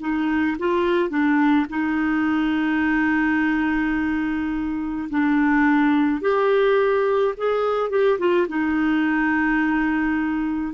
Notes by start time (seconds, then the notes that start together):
0.00 D#4
0.59 F4
1.09 D4
1.69 D#4
5.10 D4
6.21 G4
7.37 G#4
7.90 G4
8.19 F4
8.48 D#4